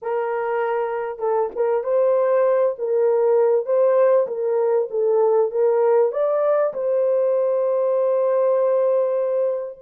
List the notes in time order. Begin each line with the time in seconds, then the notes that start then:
0.02 A#4
1.19 A4
1.55 A#4
1.83 C5
2.78 A#4
3.65 C5
4.27 A#4
4.90 A4
5.51 A#4
6.12 D5
6.73 C5